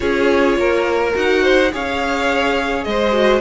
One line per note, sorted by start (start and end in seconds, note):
0.00 0.56 C#4
0.00 1.12 F4
0.00 0.58 G#4
0.00 1.14 C#5
0.56 1.13 A#3
0.56 1.42 A#4
1.13 1.72 D#4
1.13 1.70 F#4
1.13 1.73 F#5
1.42 1.71 C5
1.72 2.86 C#4
1.72 3.12 G#4
1.72 2.87 C#5
1.72 2.84 F5
2.84 3.41 G#3
2.84 3.41 C5
2.84 3.41 D#5
3.12 3.40 F#4